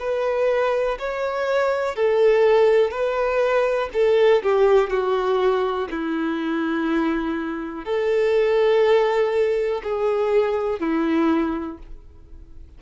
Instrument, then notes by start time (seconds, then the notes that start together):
violin
0.00 B4
0.99 C#5
1.96 A4
2.91 B4
3.93 A4
4.43 G4
4.90 F#4
5.91 E4
7.85 A4
9.83 G#4
10.80 E4